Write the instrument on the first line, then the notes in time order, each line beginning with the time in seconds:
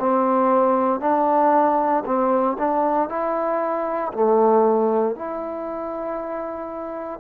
trombone
0.00 C4
1.01 D4
2.06 C4
2.59 D4
3.09 E4
4.13 A3
5.16 E4